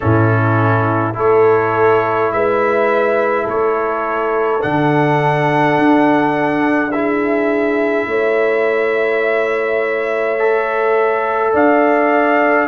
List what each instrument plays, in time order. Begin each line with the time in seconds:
0.00 tuba A2, trombone C#4, horn E4, trumpet A4
1.13 tuba A3, trombone E4, horn A4, trumpet C#5
2.31 tuba G#3, horn B4, trumpet E5
3.43 tuba A3, horn A4, trumpet C#5
4.61 tuba D3, trombone D4, trumpet F#5
5.78 tuba D4
6.91 trombone E4, horn G#4, trumpet E5
8.06 tuba A3, horn C#5
10.39 trombone A4
11.53 tuba D4, horn D5, trumpet F5